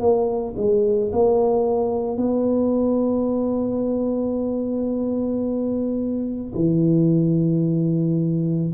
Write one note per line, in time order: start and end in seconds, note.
0.00 0.55 A#3
0.57 1.12 G#3
1.13 2.17 A#3
2.17 6.54 B3
6.55 8.73 E3